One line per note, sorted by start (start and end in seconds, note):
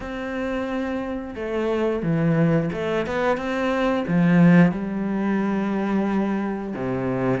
0.00 1.35 C4
1.35 2.02 A3
2.02 2.70 E3
2.72 3.06 A3
3.06 3.37 B3
3.37 4.04 C4
4.07 4.71 F3
4.71 6.74 G3
6.75 7.40 C3